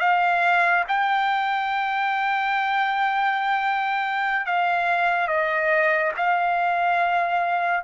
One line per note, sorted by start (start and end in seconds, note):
0.00 0.85 F5
0.88 4.46 G5
4.46 5.28 F5
5.28 6.13 D#5
6.17 7.84 F5